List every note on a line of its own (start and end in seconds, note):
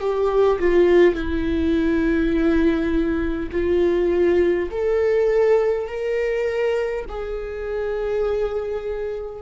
0.00 0.59 G4
0.59 1.15 F4
1.15 3.50 E4
3.52 4.70 F4
4.71 5.88 A4
5.88 7.05 A#4
7.09 9.42 G#4